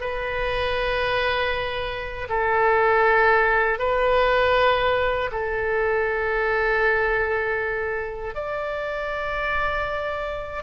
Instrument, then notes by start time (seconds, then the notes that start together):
oboe
0.00 B4
2.29 A4
3.78 B4
5.31 A4
8.35 D5